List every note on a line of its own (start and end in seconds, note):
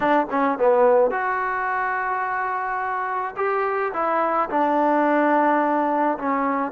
0.00 0.26 D4
0.30 0.58 C#4
0.58 1.10 B3
1.10 3.35 F#4
3.36 3.92 G4
3.93 4.49 E4
4.49 6.17 D4
6.18 6.72 C#4